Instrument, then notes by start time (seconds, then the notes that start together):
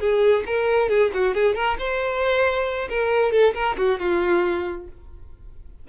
violin
0.00 G#4
0.47 A#4
0.89 G#4
1.14 F#4
1.35 G#4
1.55 A#4
1.79 C5
2.90 A#4
3.32 A4
3.55 A#4
3.78 F#4
4.00 F4